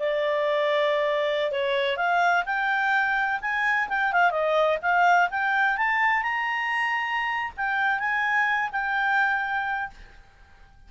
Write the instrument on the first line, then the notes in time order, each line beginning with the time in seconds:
clarinet
0.00 D5
1.52 C#5
1.97 F5
2.46 G5
3.42 G#5
3.89 G5
4.13 F5
4.31 D#5
4.82 F5
5.31 G5
5.77 A5
6.23 A#5
7.57 G5
7.99 G#5
8.73 G5